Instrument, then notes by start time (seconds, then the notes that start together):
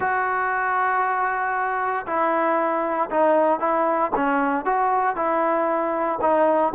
trombone
0.00 F#4
2.06 E4
3.10 D#4
3.59 E4
4.15 C#4
4.65 F#4
5.16 E4
6.21 D#4